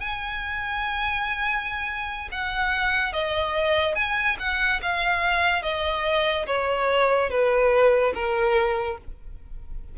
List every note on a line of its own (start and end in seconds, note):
0.00 2.29 G#5
2.32 3.13 F#5
3.13 3.95 D#5
3.95 4.37 G#5
4.39 4.81 F#5
4.83 5.63 F5
5.63 6.46 D#5
6.47 7.30 C#5
7.30 8.14 B4
8.15 8.98 A#4